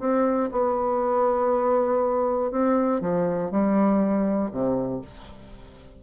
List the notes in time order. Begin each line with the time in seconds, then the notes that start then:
0.00 C4
0.52 B3
2.52 C4
3.01 F3
3.51 G3
4.51 C3